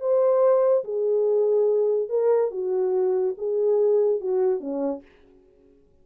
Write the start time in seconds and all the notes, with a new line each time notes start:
0.00 C5
0.84 G#4
2.09 A#4
2.51 F#4
3.38 G#4
4.21 F#4
4.60 C#4